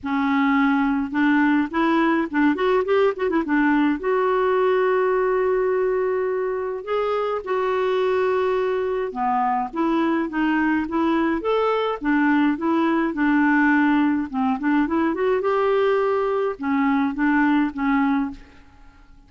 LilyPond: \new Staff \with { instrumentName = "clarinet" } { \time 4/4 \tempo 4 = 105 cis'2 d'4 e'4 | d'8 fis'8 g'8 fis'16 e'16 d'4 fis'4~ | fis'1 | gis'4 fis'2. |
b4 e'4 dis'4 e'4 | a'4 d'4 e'4 d'4~ | d'4 c'8 d'8 e'8 fis'8 g'4~ | g'4 cis'4 d'4 cis'4 | }